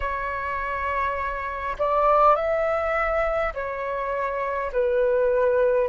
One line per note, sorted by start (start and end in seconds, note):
0.00 1.76 C#5
1.79 2.35 D5
2.35 3.53 E5
3.53 4.71 C#5
4.72 5.88 B4